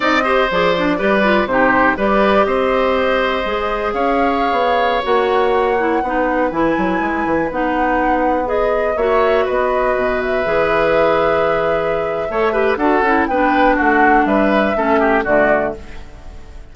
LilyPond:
<<
  \new Staff \with { instrumentName = "flute" } { \time 4/4 \tempo 4 = 122 dis''4 d''2 c''4 | d''4 dis''2. | f''2~ f''16 fis''4.~ fis''16~ | fis''4~ fis''16 gis''2 fis''8.~ |
fis''4~ fis''16 dis''4 e''4 dis''8.~ | dis''8. e''2.~ e''16~ | e''2 fis''4 g''4 | fis''4 e''2 d''4 | }
  \new Staff \with { instrumentName = "oboe" } { \time 4/4 d''8 c''4. b'4 g'4 | b'4 c''2. | cis''1~ | cis''16 b'2.~ b'8.~ |
b'2~ b'16 cis''4 b'8.~ | b'1~ | b'4 cis''8 b'8 a'4 b'4 | fis'4 b'4 a'8 g'8 fis'4 | }
  \new Staff \with { instrumentName = "clarinet" } { \time 4/4 dis'8 g'8 gis'8 d'8 g'8 f'8 dis'4 | g'2. gis'4~ | gis'2~ gis'16 fis'4. e'16~ | e'16 dis'4 e'2 dis'8.~ |
dis'4~ dis'16 gis'4 fis'4.~ fis'16~ | fis'4~ fis'16 gis'2~ gis'8.~ | gis'4 a'8 g'8 fis'8 e'8 d'4~ | d'2 cis'4 a4 | }
  \new Staff \with { instrumentName = "bassoon" } { \time 4/4 c'4 f4 g4 c4 | g4 c'2 gis4 | cis'4~ cis'16 b4 ais4.~ ais16~ | ais16 b4 e8 fis8 gis8 e8 b8.~ |
b2~ b16 ais4 b8.~ | b16 b,4 e2~ e8.~ | e4 a4 d'8 cis'8 b4 | a4 g4 a4 d4 | }
>>